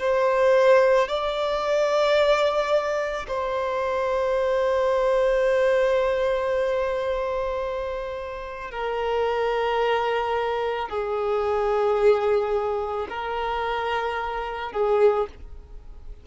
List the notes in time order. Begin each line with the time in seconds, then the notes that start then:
0.00 C5
1.09 D5
3.28 C5
8.72 A#4
10.89 G#4
13.10 A#4
14.73 G#4